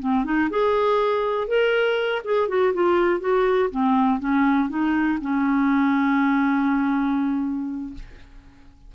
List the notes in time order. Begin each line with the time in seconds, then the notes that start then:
0.00 C4
0.25 D#4
0.51 G#4
1.48 A#4
2.25 G#4
2.49 F#4
2.74 F4
3.20 F#4
3.71 C4
4.20 C#4
4.70 D#4
5.22 C#4